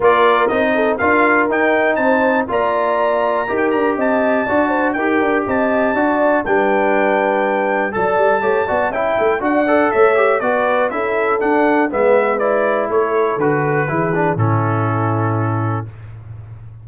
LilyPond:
<<
  \new Staff \with { instrumentName = "trumpet" } { \time 4/4 \tempo 4 = 121 d''4 dis''4 f''4 g''4 | a''4 ais''2~ ais''16 g''16 ais''8 | a''2 g''4 a''4~ | a''4 g''2. |
a''2 g''4 fis''4 | e''4 d''4 e''4 fis''4 | e''4 d''4 cis''4 b'4~ | b'4 a'2. | }
  \new Staff \with { instrumentName = "horn" } { \time 4/4 ais'4. a'8 ais'2 | c''4 d''2 ais'4 | dis''4 d''8 c''8 ais'4 dis''4 | d''4 b'2. |
d''4 cis''8 d''8 e''4 d''4 | cis''4 b'4 a'2 | b'2 a'2 | gis'4 e'2. | }
  \new Staff \with { instrumentName = "trombone" } { \time 4/4 f'4 dis'4 f'4 dis'4~ | dis'4 f'2 g'4~ | g'4 fis'4 g'2 | fis'4 d'2. |
a'4 g'8 fis'8 e'4 fis'8 a'8~ | a'8 g'8 fis'4 e'4 d'4 | b4 e'2 fis'4 | e'8 d'8 cis'2. | }
  \new Staff \with { instrumentName = "tuba" } { \time 4/4 ais4 c'4 d'4 dis'4 | c'4 ais2 dis'8 d'8 | c'4 d'4 dis'8 d'8 c'4 | d'4 g2. |
fis8 g8 a8 b8 cis'8 a8 d'4 | a4 b4 cis'4 d'4 | gis2 a4 d4 | e4 a,2. | }
>>